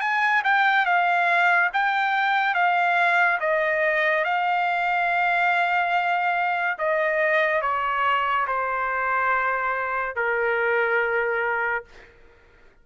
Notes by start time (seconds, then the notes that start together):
0.00 G#5
0.44 G5
0.85 F5
1.73 G5
2.54 F5
3.40 D#5
4.24 F5
6.78 D#5
7.61 C#5
8.47 C5
10.15 A#4